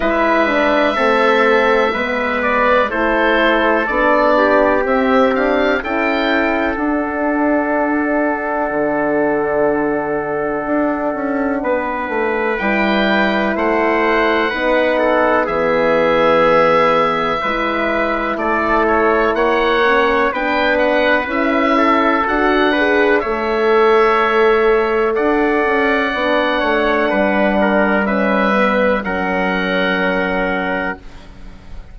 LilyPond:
<<
  \new Staff \with { instrumentName = "oboe" } { \time 4/4 \tempo 4 = 62 e''2~ e''8 d''8 c''4 | d''4 e''8 f''8 g''4 fis''4~ | fis''1~ | fis''4 g''4 fis''2 |
e''2. d''8 cis''8 | fis''4 g''8 fis''8 e''4 fis''4 | e''2 fis''2~ | fis''4 e''4 fis''2 | }
  \new Staff \with { instrumentName = "trumpet" } { \time 4/4 b'4 a'4 b'4 a'4~ | a'8 g'4. a'2~ | a'1 | b'2 c''4 b'8 a'8 |
gis'2 b'4 a'4 | cis''4 b'4. a'4 b'8 | cis''2 d''4. cis''8 | b'8 ais'8 b'4 ais'2 | }
  \new Staff \with { instrumentName = "horn" } { \time 4/4 e'8 d'8 c'4 b4 e'4 | d'4 c'8 d'8 e'4 d'4~ | d'1~ | d'4 e'2 dis'4 |
b2 e'2~ | e'8 cis'8 d'4 e'4 fis'8 gis'8 | a'2. d'4~ | d'4 cis'8 b8 cis'2 | }
  \new Staff \with { instrumentName = "bassoon" } { \time 4/4 gis4 a4 gis4 a4 | b4 c'4 cis'4 d'4~ | d'4 d2 d'8 cis'8 | b8 a8 g4 a4 b4 |
e2 gis4 a4 | ais4 b4 cis'4 d'4 | a2 d'8 cis'8 b8 a8 | g2 fis2 | }
>>